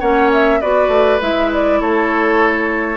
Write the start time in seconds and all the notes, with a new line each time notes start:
0.00 A#3 C#4 C#5 F#5
0.33 E5
0.61 B3 F#4 B4 D5
0.88 A3
1.21 G#3 E4 E5
1.53 D5
1.81 A3 A4 C#5